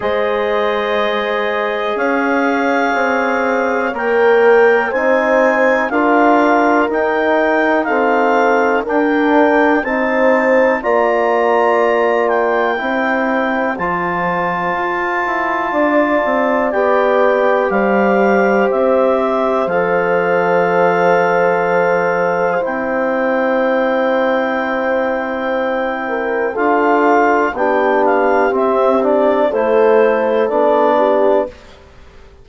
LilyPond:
<<
  \new Staff \with { instrumentName = "clarinet" } { \time 4/4 \tempo 4 = 61 dis''2 f''2 | g''4 gis''4 f''4 g''4 | f''4 g''4 a''4 ais''4~ | ais''8 g''4. a''2~ |
a''4 g''4 f''4 e''4 | f''2. g''4~ | g''2. f''4 | g''8 f''8 e''8 d''8 c''4 d''4 | }
  \new Staff \with { instrumentName = "horn" } { \time 4/4 c''2 cis''2~ | cis''4 c''4 ais'2 | a'4 ais'4 c''4 d''4~ | d''4 c''2. |
d''2 c''2~ | c''1~ | c''2~ c''8 ais'8 a'4 | g'2 a'4. g'8 | }
  \new Staff \with { instrumentName = "trombone" } { \time 4/4 gis'1 | ais'4 dis'4 f'4 dis'4 | c'4 d'4 dis'4 f'4~ | f'4 e'4 f'2~ |
f'4 g'2. | a'2. e'4~ | e'2. f'4 | d'4 c'8 d'8 e'4 d'4 | }
  \new Staff \with { instrumentName = "bassoon" } { \time 4/4 gis2 cis'4 c'4 | ais4 c'4 d'4 dis'4~ | dis'4 d'4 c'4 ais4~ | ais4 c'4 f4 f'8 e'8 |
d'8 c'8 b4 g4 c'4 | f2. c'4~ | c'2. d'4 | b4 c'4 a4 b4 | }
>>